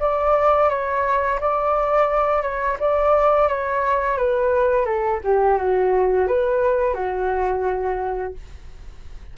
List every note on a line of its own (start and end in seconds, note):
0.00 0.70 D5
0.70 1.40 C#5
1.40 2.43 D5
2.43 2.77 C#5
2.80 3.48 D5
3.48 4.18 C#5
4.18 4.86 B4
4.86 5.20 A4
5.24 5.58 G4
5.58 6.28 F#4
6.28 6.95 B4
6.95 8.34 F#4